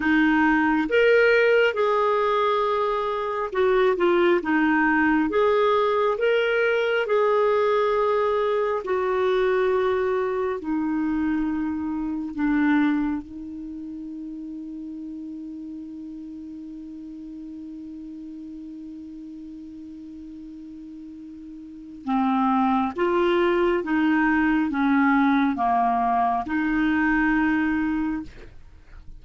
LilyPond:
\new Staff \with { instrumentName = "clarinet" } { \time 4/4 \tempo 4 = 68 dis'4 ais'4 gis'2 | fis'8 f'8 dis'4 gis'4 ais'4 | gis'2 fis'2 | dis'2 d'4 dis'4~ |
dis'1~ | dis'1~ | dis'4 c'4 f'4 dis'4 | cis'4 ais4 dis'2 | }